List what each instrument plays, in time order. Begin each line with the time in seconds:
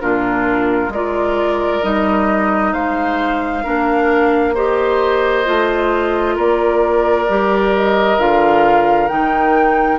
0.00 bassoon A#2, clarinet D4, oboe F4, flute A#4
0.89 bassoon G#3, clarinet F4, oboe A#4, flute D5
1.83 bassoon G3, clarinet D#4, flute D#5
2.73 bassoon G#3, oboe C5, flute F5
3.64 bassoon A#3, clarinet D4, oboe A#4
4.55 clarinet G4, oboe C5, flute D#5
5.45 bassoon A3, clarinet F4
6.36 bassoon A#3, oboe A#4, flute D5
7.29 bassoon G3, clarinet G4
7.76 flute D#5
8.18 bassoon D3, clarinet F4, flute F5
9.08 bassoon D#3, clarinet D#4, flute G5